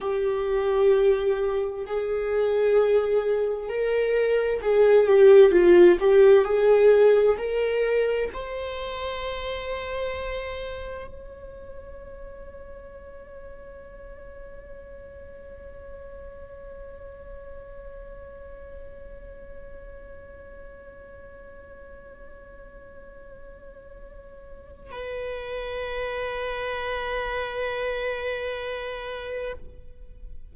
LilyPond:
\new Staff \with { instrumentName = "viola" } { \time 4/4 \tempo 4 = 65 g'2 gis'2 | ais'4 gis'8 g'8 f'8 g'8 gis'4 | ais'4 c''2. | cis''1~ |
cis''1~ | cis''1~ | cis''2. b'4~ | b'1 | }